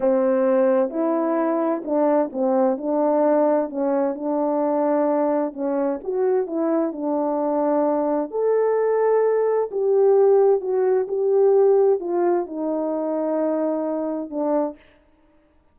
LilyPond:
\new Staff \with { instrumentName = "horn" } { \time 4/4 \tempo 4 = 130 c'2 e'2 | d'4 c'4 d'2 | cis'4 d'2. | cis'4 fis'4 e'4 d'4~ |
d'2 a'2~ | a'4 g'2 fis'4 | g'2 f'4 dis'4~ | dis'2. d'4 | }